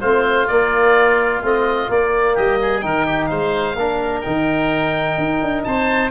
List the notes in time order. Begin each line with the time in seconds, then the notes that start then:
0.00 A3 C4 F4 C5
0.47 A#3 D5
1.42 A3 C4 D#5
1.88 A#3 D5
2.34 G3 G4 D#5
2.61 G#4
2.80 D#3 D#4 A#4 G5
3.05 G4
3.26 G#3 C5 F5
3.75 A#3 D4 A#4
4.21 D#3 D#4 G5
5.17 D#4
5.42 D4
5.64 C4 C5 A5